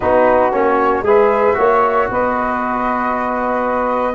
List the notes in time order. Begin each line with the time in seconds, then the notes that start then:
0.00 B3 D#4 F#4 B4
0.52 A#3 C#4 C#5
1.02 G#3 G#4 B4 E5
1.54 A#3 F#4 C#5
2.10 B3 B4 D#5